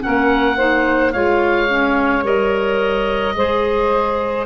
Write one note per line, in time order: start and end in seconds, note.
0.00 0.56 C#4
0.00 0.57 A#4
0.00 1.13 F#5
0.07 1.15 A#3
0.57 1.14 D#4
0.57 1.13 C5
1.13 2.24 G#3
1.13 1.68 F4
1.13 3.35 C#5
1.13 2.24 F5
1.68 2.24 C#4
2.24 3.35 G3
2.24 3.35 A#4
2.24 4.47 D#5
3.35 4.46 G#3
3.35 4.47 G#4
3.35 4.47 C5